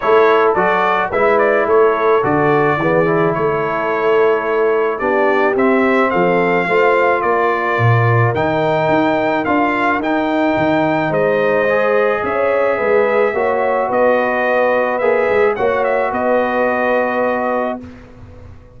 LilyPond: <<
  \new Staff \with { instrumentName = "trumpet" } { \time 4/4 \tempo 4 = 108 cis''4 d''4 e''8 d''8 cis''4 | d''2 cis''2~ | cis''4 d''4 e''4 f''4~ | f''4 d''2 g''4~ |
g''4 f''4 g''2 | dis''2 e''2~ | e''4 dis''2 e''4 | fis''8 e''8 dis''2. | }
  \new Staff \with { instrumentName = "horn" } { \time 4/4 a'2 b'4 a'4~ | a'4 gis'4 a'2~ | a'4 g'2 a'4 | c''4 ais'2.~ |
ais'1 | c''2 cis''4 b'4 | cis''4 b'2. | cis''4 b'2. | }
  \new Staff \with { instrumentName = "trombone" } { \time 4/4 e'4 fis'4 e'2 | fis'4 b8 e'2~ e'8~ | e'4 d'4 c'2 | f'2. dis'4~ |
dis'4 f'4 dis'2~ | dis'4 gis'2. | fis'2. gis'4 | fis'1 | }
  \new Staff \with { instrumentName = "tuba" } { \time 4/4 a4 fis4 gis4 a4 | d4 e4 a2~ | a4 b4 c'4 f4 | a4 ais4 ais,4 dis4 |
dis'4 d'4 dis'4 dis4 | gis2 cis'4 gis4 | ais4 b2 ais8 gis8 | ais4 b2. | }
>>